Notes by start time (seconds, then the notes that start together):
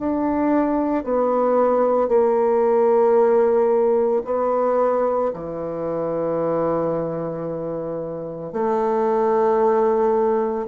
0.00 D4
1.04 B3
2.09 A#3
4.25 B3
5.34 E3
8.53 A3